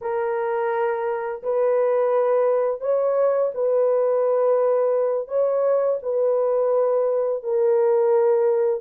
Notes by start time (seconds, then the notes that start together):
0.01 A#4
1.42 B4
2.80 C#5
3.54 B4
5.27 C#5
6.02 B4
7.43 A#4